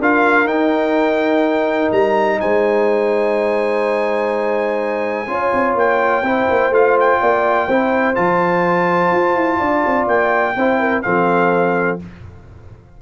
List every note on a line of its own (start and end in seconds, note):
0.00 0.45 D4
0.00 0.47 F4
0.00 2.41 A#4
0.00 0.48 F5
0.45 1.89 D#4
0.45 5.27 D#4
0.45 1.92 G5
1.92 2.40 G3
1.92 2.41 A#5
2.41 5.28 G#3
2.41 5.29 C5
2.41 5.77 G#5
5.28 5.52 C#4
5.28 6.24 F4
5.28 6.26 C#5
5.54 5.75 C4
5.75 6.23 A#3
5.75 6.74 G5
6.23 6.47 C4
6.23 6.73 E4
6.23 7.21 C5
6.50 6.71 A#3
6.71 7.19 A3
6.71 7.69 F4
6.71 6.98 F5
7.00 8.16 G5
7.21 7.69 A#3
7.21 7.68 D5
7.68 8.17 C4
7.68 8.15 E4
7.68 9.59 C5
8.15 9.12 F3
8.15 10.55 F4
8.15 10.08 A5
9.12 9.36 F4
9.36 9.60 E4
9.59 9.85 D4
9.59 10.55 D5
9.87 10.08 C4
10.08 10.56 A#3
10.08 11.02 G5
10.56 11.04 C4
10.56 11.04 E4
10.56 10.80 C5
10.80 11.04 A#4
11.02 12.02 F3
11.02 12.00 C4
11.02 12.02 A4
11.02 11.98 F5